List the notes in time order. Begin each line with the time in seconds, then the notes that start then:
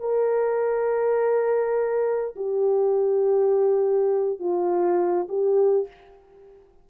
0.00 A#4
2.36 G4
4.40 F4
5.29 G4